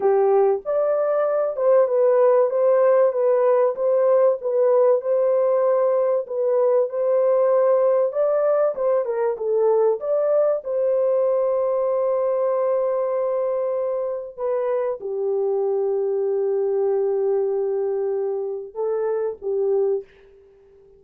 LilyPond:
\new Staff \with { instrumentName = "horn" } { \time 4/4 \tempo 4 = 96 g'4 d''4. c''8 b'4 | c''4 b'4 c''4 b'4 | c''2 b'4 c''4~ | c''4 d''4 c''8 ais'8 a'4 |
d''4 c''2.~ | c''2. b'4 | g'1~ | g'2 a'4 g'4 | }